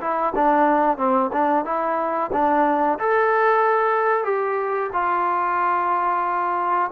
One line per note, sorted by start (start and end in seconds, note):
0.00 0.33 E4
0.35 0.97 D4
0.97 1.30 C4
1.32 1.64 D4
1.64 2.30 E4
2.32 2.98 D4
2.99 4.24 A4
4.24 4.90 G4
4.93 6.91 F4